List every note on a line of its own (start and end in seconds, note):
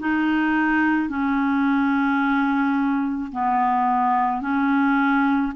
0.00 1.10 D#4
1.10 3.32 C#4
3.32 4.42 B3
4.42 5.53 C#4